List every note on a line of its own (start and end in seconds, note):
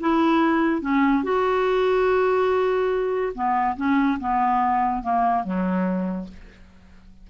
0.00 0.81 E4
0.81 1.23 C#4
1.23 3.33 F#4
3.34 3.76 B3
3.76 4.18 C#4
4.20 5.02 B3
5.02 5.44 A#3
5.44 6.27 F#3